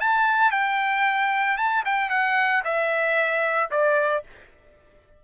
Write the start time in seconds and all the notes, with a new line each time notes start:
0.00 A5
0.51 G5
1.57 A5
1.85 G5
2.09 F#5
2.64 E5
3.70 D5